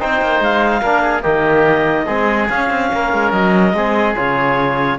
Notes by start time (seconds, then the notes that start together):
0.00 C4 D#4 C5 G5
0.21 A#3
0.40 G#3 F5
0.82 A#3 D4 A#4
1.03 G#4
1.22 D#3 A#3 G4 D#5
2.06 G#3 C4 G#4
2.49 C#4 F5
2.70 C4
2.93 A#3 A#4
3.13 G#3
3.32 F#3 D#5
3.74 G#3 C4 G#4
4.16 C#3 F4 C#5